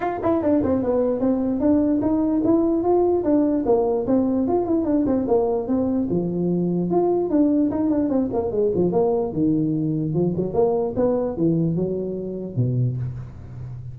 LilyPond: \new Staff \with { instrumentName = "tuba" } { \time 4/4 \tempo 4 = 148 f'8 e'8 d'8 c'8 b4 c'4 | d'4 dis'4 e'4 f'4 | d'4 ais4 c'4 f'8 e'8 | d'8 c'8 ais4 c'4 f4~ |
f4 f'4 d'4 dis'8 d'8 | c'8 ais8 gis8 f8 ais4 dis4~ | dis4 f8 fis8 ais4 b4 | e4 fis2 b,4 | }